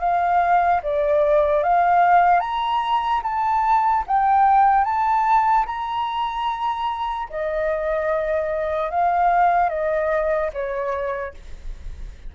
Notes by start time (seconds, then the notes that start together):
0.00 F5
0.83 D5
1.64 F5
2.41 A#5
3.24 A5
4.07 G5
4.85 A5
5.66 A#5
7.30 D#5
8.91 F5
9.70 D#5
10.54 C#5